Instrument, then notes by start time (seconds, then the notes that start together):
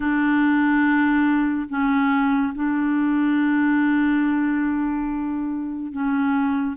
clarinet
0.00 D4
1.69 C#4
2.55 D4
5.92 C#4